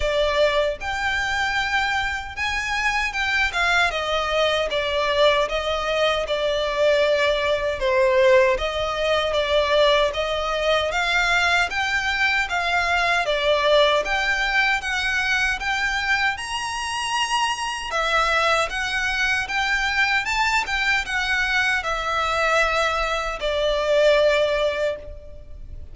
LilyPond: \new Staff \with { instrumentName = "violin" } { \time 4/4 \tempo 4 = 77 d''4 g''2 gis''4 | g''8 f''8 dis''4 d''4 dis''4 | d''2 c''4 dis''4 | d''4 dis''4 f''4 g''4 |
f''4 d''4 g''4 fis''4 | g''4 ais''2 e''4 | fis''4 g''4 a''8 g''8 fis''4 | e''2 d''2 | }